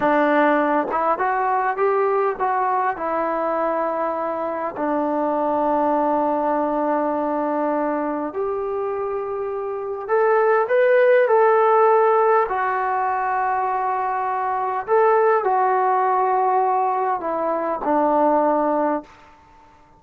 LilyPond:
\new Staff \with { instrumentName = "trombone" } { \time 4/4 \tempo 4 = 101 d'4. e'8 fis'4 g'4 | fis'4 e'2. | d'1~ | d'2 g'2~ |
g'4 a'4 b'4 a'4~ | a'4 fis'2.~ | fis'4 a'4 fis'2~ | fis'4 e'4 d'2 | }